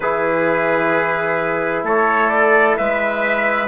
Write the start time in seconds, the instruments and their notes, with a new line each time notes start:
0.00 bassoon E3, trombone E4, trumpet G#4 B4
1.83 bassoon A3, trumpet A4 C#5
2.29 trumpet D5
2.77 bassoon G#3, trumpet B4 E5